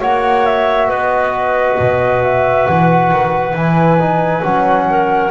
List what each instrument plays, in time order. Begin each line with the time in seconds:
0.00 double bass A#3, trombone F#4, clarinet C#5, flute F#5
0.46 flute E5
0.87 double bass B3, clarinet B4, flute D#5
1.80 double bass B2
2.23 flute E5
2.67 double bass E3, flute F#5
3.12 double bass D#3
3.54 double bass E3, trombone E4, flute G#5
4.00 trombone D#4
4.42 double bass F#3, trombone C#4, flute F#5
4.90 clarinet A#4